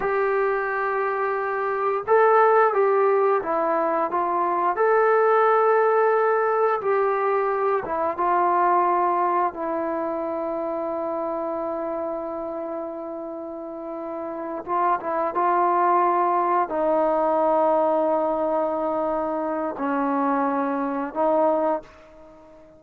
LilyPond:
\new Staff \with { instrumentName = "trombone" } { \time 4/4 \tempo 4 = 88 g'2. a'4 | g'4 e'4 f'4 a'4~ | a'2 g'4. e'8 | f'2 e'2~ |
e'1~ | e'4. f'8 e'8 f'4.~ | f'8 dis'2.~ dis'8~ | dis'4 cis'2 dis'4 | }